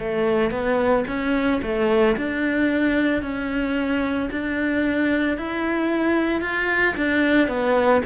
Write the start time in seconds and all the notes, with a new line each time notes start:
0.00 A3
0.51 B3
1.08 C#4
1.63 A3
2.17 D4
3.23 C#4
4.31 D4
5.38 E4
6.41 F4
6.97 D4
7.49 B3